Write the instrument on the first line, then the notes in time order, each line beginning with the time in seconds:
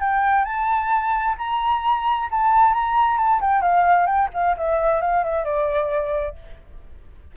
flute
0.00 G5
0.45 A5
1.38 A#5
2.31 A5
2.74 A#5
3.17 A5
3.41 G5
3.62 F5
4.06 G5
4.33 F5
4.57 E5
5.01 F5
5.24 E5
5.44 D5